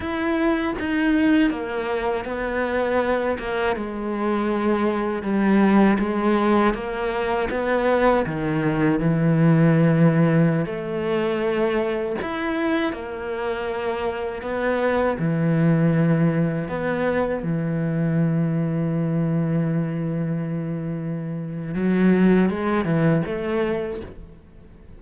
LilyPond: \new Staff \with { instrumentName = "cello" } { \time 4/4 \tempo 4 = 80 e'4 dis'4 ais4 b4~ | b8 ais8 gis2 g4 | gis4 ais4 b4 dis4 | e2~ e16 a4.~ a16~ |
a16 e'4 ais2 b8.~ | b16 e2 b4 e8.~ | e1~ | e4 fis4 gis8 e8 a4 | }